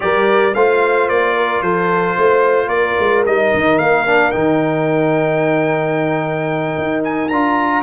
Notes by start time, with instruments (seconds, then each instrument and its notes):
0.00 tuba G3, trombone G4, horn A#4, trumpet D5
0.54 tuba A3, trombone F4, horn C5, trumpet F5
1.09 tuba A#3, trumpet D5
1.36 horn A#4
1.61 tuba F3, horn A4, trumpet C5
2.17 tuba A3, horn C5
2.66 tuba A#3, horn A#4, trumpet D5
2.99 tuba G#3
3.25 tuba G3, trombone D#4, trumpet D#5
3.53 tuba D#3
3.78 tuba A#3, trumpet F5
4.06 trombone D4
4.31 tuba D#3, trombone D#4, trumpet G5
6.77 tuba D#4
7.04 trumpet G#5
7.28 tuba D4, trombone F4, trumpet A#5